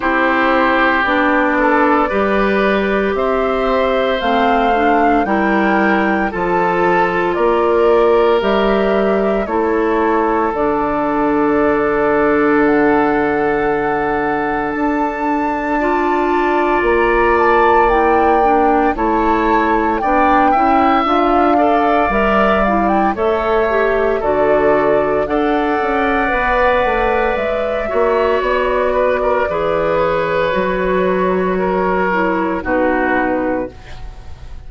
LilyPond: <<
  \new Staff \with { instrumentName = "flute" } { \time 4/4 \tempo 4 = 57 c''4 d''2 e''4 | f''4 g''4 a''4 d''4 | e''4 cis''4 d''2 | fis''2 a''2 |
ais''8 a''8 g''4 a''4 g''4 | f''4 e''8 f''16 g''16 e''4 d''4 | fis''2 e''4 d''4~ | d''8 cis''2~ cis''8 b'4 | }
  \new Staff \with { instrumentName = "oboe" } { \time 4/4 g'4. a'8 b'4 c''4~ | c''4 ais'4 a'4 ais'4~ | ais'4 a'2.~ | a'2. d''4~ |
d''2 cis''4 d''8 e''8~ | e''8 d''4. cis''4 a'4 | d''2~ d''8 cis''4 b'16 ais'16 | b'2 ais'4 fis'4 | }
  \new Staff \with { instrumentName = "clarinet" } { \time 4/4 e'4 d'4 g'2 | c'8 d'8 e'4 f'2 | g'4 e'4 d'2~ | d'2. f'4~ |
f'4 e'8 d'8 e'4 d'8 e'8 | f'8 a'8 ais'8 e'8 a'8 g'8 fis'4 | a'4 b'4. fis'4. | gis'4 fis'4. e'8 dis'4 | }
  \new Staff \with { instrumentName = "bassoon" } { \time 4/4 c'4 b4 g4 c'4 | a4 g4 f4 ais4 | g4 a4 d2~ | d2 d'2 |
ais2 a4 b8 cis'8 | d'4 g4 a4 d4 | d'8 cis'8 b8 a8 gis8 ais8 b4 | e4 fis2 b,4 | }
>>